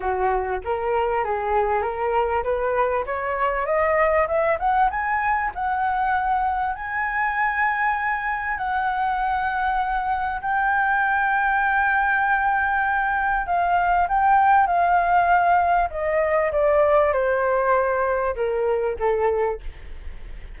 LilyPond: \new Staff \with { instrumentName = "flute" } { \time 4/4 \tempo 4 = 98 fis'4 ais'4 gis'4 ais'4 | b'4 cis''4 dis''4 e''8 fis''8 | gis''4 fis''2 gis''4~ | gis''2 fis''2~ |
fis''4 g''2.~ | g''2 f''4 g''4 | f''2 dis''4 d''4 | c''2 ais'4 a'4 | }